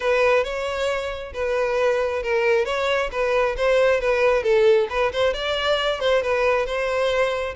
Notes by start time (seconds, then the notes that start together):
0.00 B4
0.43 C#5
1.33 B4
2.23 A#4
2.65 C#5
3.11 B4
3.56 C5
4.00 B4
4.43 A4
4.89 B4
5.12 C5
5.33 D5
6.00 C5
6.22 B4
6.65 C5